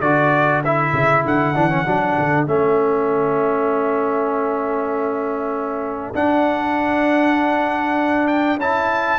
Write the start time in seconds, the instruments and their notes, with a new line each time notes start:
0.00 tuba D3, trombone F#4, horn A4, trumpet D5
0.65 trombone E4, trumpet E5
0.94 tuba C#3
1.26 tuba D3, trumpet F#5
1.55 tuba E3, trombone D4
1.70 trombone C#4
1.86 tuba F#3, trombone D4
2.19 tuba D3
2.47 tuba A3, trombone C#4, trumpet E5
6.15 trombone D4, tuba D4, trumpet F#5
8.28 trumpet G5
8.58 tuba C#4, trombone E4, trumpet A5